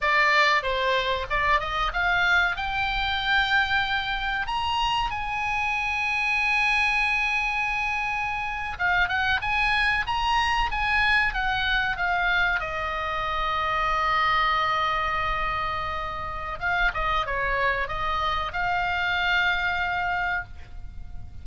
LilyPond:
\new Staff \with { instrumentName = "oboe" } { \time 4/4 \tempo 4 = 94 d''4 c''4 d''8 dis''8 f''4 | g''2. ais''4 | gis''1~ | gis''4.~ gis''16 f''8 fis''8 gis''4 ais''16~ |
ais''8. gis''4 fis''4 f''4 dis''16~ | dis''1~ | dis''2 f''8 dis''8 cis''4 | dis''4 f''2. | }